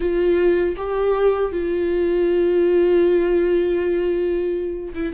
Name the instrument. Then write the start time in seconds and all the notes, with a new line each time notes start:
viola
0.00 F4
0.77 G4
1.52 F4
4.94 E4